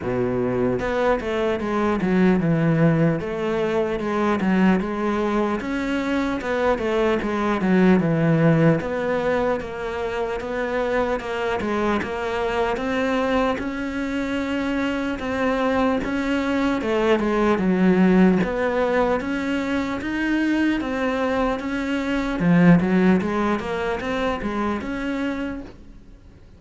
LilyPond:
\new Staff \with { instrumentName = "cello" } { \time 4/4 \tempo 4 = 75 b,4 b8 a8 gis8 fis8 e4 | a4 gis8 fis8 gis4 cis'4 | b8 a8 gis8 fis8 e4 b4 | ais4 b4 ais8 gis8 ais4 |
c'4 cis'2 c'4 | cis'4 a8 gis8 fis4 b4 | cis'4 dis'4 c'4 cis'4 | f8 fis8 gis8 ais8 c'8 gis8 cis'4 | }